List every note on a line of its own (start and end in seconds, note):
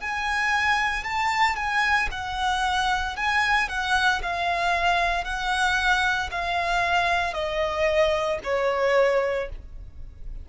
0.00 1.04 G#5
1.04 1.56 A5
1.56 2.08 G#5
2.11 3.16 F#5
3.16 3.68 G#5
3.68 4.21 F#5
4.22 5.24 F5
5.24 6.29 F#5
6.31 7.33 F5
7.33 8.38 D#5
8.44 9.49 C#5